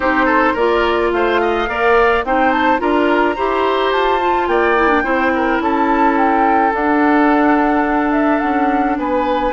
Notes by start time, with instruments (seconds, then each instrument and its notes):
0.00 bassoon C4, clarinet D#4, oboe G4, flute C5
0.25 oboe A4
0.53 bassoon A#3, clarinet F4, oboe A#4, flute D5
1.11 bassoon A3, oboe C5, flute F5
1.41 oboe D#5
1.67 bassoon A#3, clarinet A#4, oboe D5
2.24 bassoon C4, clarinet D#4, oboe C5, flute G5
2.51 flute A5
2.78 bassoon D4, clarinet F4, oboe A#4, flute A#5
3.35 bassoon E4, clarinet G4, oboe C5
3.91 bassoon F4, flute A5
4.20 clarinet F4
4.47 bassoon A#3, oboe D5, flute G5
4.76 clarinet E4
4.88 clarinet D4
5.03 bassoon C4, clarinet E4, oboe C5
5.34 oboe A#4
5.60 bassoon C#4, oboe A4, flute A5
6.17 flute G5
6.71 clarinet D4, bassoon D4, flute F#5
8.12 flute E5
8.39 bassoon C#4, flute F#5
8.97 bassoon B3, oboe B4, flute G#5